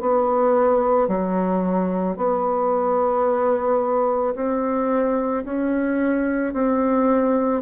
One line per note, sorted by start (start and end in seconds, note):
0.00 1.08 B3
1.08 2.17 F#3
2.17 4.35 B3
4.35 5.44 C4
5.44 6.54 C#4
6.54 7.62 C4